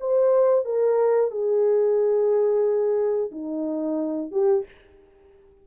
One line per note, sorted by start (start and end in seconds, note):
0.00 0.65 C5
0.65 1.31 A#4
1.31 3.31 G#4
3.31 4.31 D#4
4.31 4.65 G4